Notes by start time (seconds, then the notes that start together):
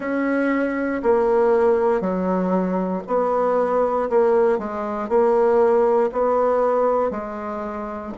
0.00 C#4
1.03 A#3
2.01 F#3
3.07 B3
4.09 A#3
4.58 G#3
5.08 A#3
6.12 B3
7.10 G#3